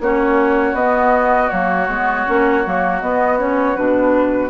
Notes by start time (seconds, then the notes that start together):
0.00 A#3 C#4 F#4 C#5
0.73 B3 D#5
1.49 F#3 A#3 C#5
1.88 G#3 B3
2.26 A#3 C#4
2.64 F#3 A#3
3.01 B3 D#5
3.38 C#4 C#5
3.76 B2 D4 B4